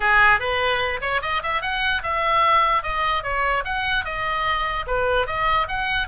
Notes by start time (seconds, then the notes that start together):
0.00 G#4
0.39 B4
1.01 C#5
1.22 D#5
1.42 E5
1.61 F#5
2.03 E5
2.82 D#5
3.23 C#5
3.64 F#5
4.04 D#5
4.86 B4
5.26 D#5
5.68 F#5